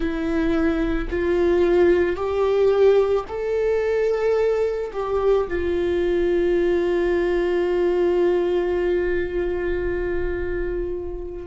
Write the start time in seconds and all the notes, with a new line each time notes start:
0.00 E4
1.10 F4
2.15 G4
3.27 A4
4.92 G4
5.48 F4